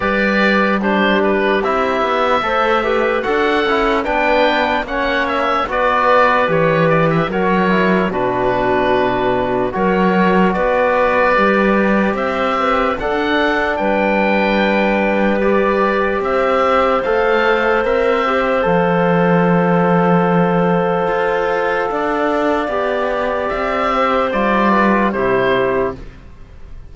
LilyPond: <<
  \new Staff \with { instrumentName = "oboe" } { \time 4/4 \tempo 4 = 74 d''4 c''8 b'8 e''2 | fis''4 g''4 fis''8 e''8 d''4 | cis''8 d''16 e''16 cis''4 b'2 | cis''4 d''2 e''4 |
fis''4 g''2 d''4 | e''4 f''4 e''4 f''4~ | f''1~ | f''4 e''4 d''4 c''4 | }
  \new Staff \with { instrumentName = "clarinet" } { \time 4/4 b'4 g'2 c''8 b'8 | a'4 b'4 cis''4 b'4~ | b'4 ais'4 fis'2 | ais'4 b'2 c''8 b'8 |
a'4 b'2. | c''1~ | c''2. d''4~ | d''4. c''4 b'8 g'4 | }
  \new Staff \with { instrumentName = "trombone" } { \time 4/4 g'4 d'4 e'4 a'8 g'8 | fis'8 e'8 d'4 cis'4 fis'4 | g'4 fis'8 e'8 d'2 | fis'2 g'2 |
d'2. g'4~ | g'4 a'4 ais'8 g'8 a'4~ | a'1 | g'2 f'4 e'4 | }
  \new Staff \with { instrumentName = "cello" } { \time 4/4 g2 c'8 b8 a4 | d'8 cis'8 b4 ais4 b4 | e4 fis4 b,2 | fis4 b4 g4 c'4 |
d'4 g2. | c'4 a4 c'4 f4~ | f2 f'4 d'4 | b4 c'4 g4 c4 | }
>>